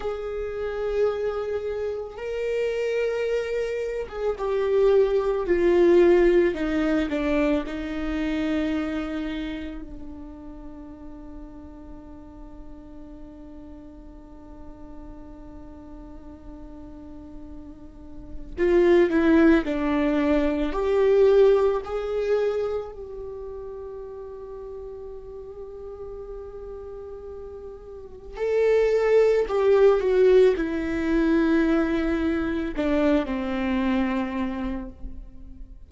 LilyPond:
\new Staff \with { instrumentName = "viola" } { \time 4/4 \tempo 4 = 55 gis'2 ais'4.~ ais'16 gis'16 | g'4 f'4 dis'8 d'8 dis'4~ | dis'4 d'2.~ | d'1~ |
d'4 f'8 e'8 d'4 g'4 | gis'4 g'2.~ | g'2 a'4 g'8 fis'8 | e'2 d'8 c'4. | }